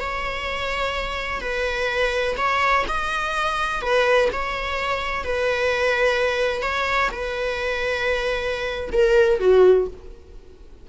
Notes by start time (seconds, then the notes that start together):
0.00 C#5
1.41 B4
2.37 C#5
2.88 D#5
3.82 B4
4.32 C#5
5.24 B4
6.62 C#5
7.11 B4
8.92 A#4
9.40 F#4